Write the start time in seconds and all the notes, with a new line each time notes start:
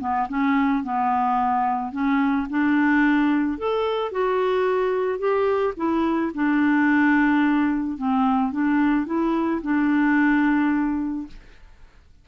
0.00 B3
0.29 C#4
0.84 B3
1.92 C#4
2.49 D4
3.58 A4
4.12 F#4
5.18 G4
5.77 E4
6.34 D4
7.97 C4
8.52 D4
9.06 E4
9.62 D4